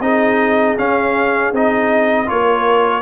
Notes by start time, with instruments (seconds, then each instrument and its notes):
0.00 tuba C4, trombone D#4, horn G#4, trumpet D#5
0.78 trombone C#4, tuba C#4, trumpet F5
1.53 tuba C4, trombone D#4, trumpet D#5
2.26 tuba A#3, trombone F4, horn A#4, trumpet C#5